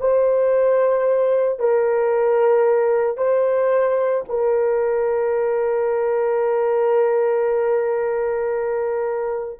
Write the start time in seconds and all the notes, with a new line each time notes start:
0.00 C5
1.59 A#4
3.17 C5
4.28 A#4